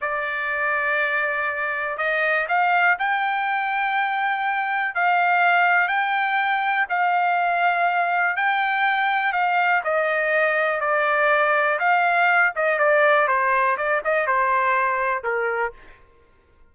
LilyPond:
\new Staff \with { instrumentName = "trumpet" } { \time 4/4 \tempo 4 = 122 d''1 | dis''4 f''4 g''2~ | g''2 f''2 | g''2 f''2~ |
f''4 g''2 f''4 | dis''2 d''2 | f''4. dis''8 d''4 c''4 | d''8 dis''8 c''2 ais'4 | }